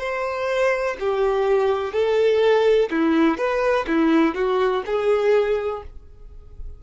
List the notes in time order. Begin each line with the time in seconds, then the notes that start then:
0.00 C5
1.00 G4
1.93 A4
2.91 E4
3.38 B4
3.88 E4
4.35 F#4
4.87 G#4